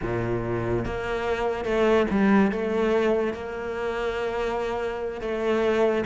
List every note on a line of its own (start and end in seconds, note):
0.02 0.85 A#2
0.85 1.64 A#3
1.64 2.06 A3
2.10 2.51 G3
2.51 3.33 A3
3.33 5.21 A#3
5.21 6.04 A3